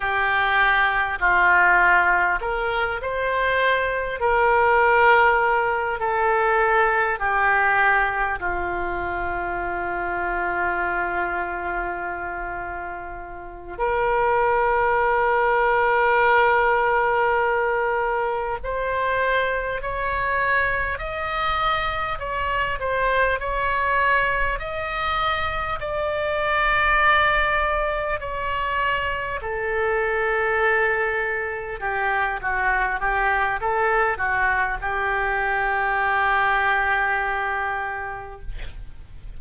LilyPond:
\new Staff \with { instrumentName = "oboe" } { \time 4/4 \tempo 4 = 50 g'4 f'4 ais'8 c''4 ais'8~ | ais'4 a'4 g'4 f'4~ | f'2.~ f'8 ais'8~ | ais'2.~ ais'8 c''8~ |
c''8 cis''4 dis''4 cis''8 c''8 cis''8~ | cis''8 dis''4 d''2 cis''8~ | cis''8 a'2 g'8 fis'8 g'8 | a'8 fis'8 g'2. | }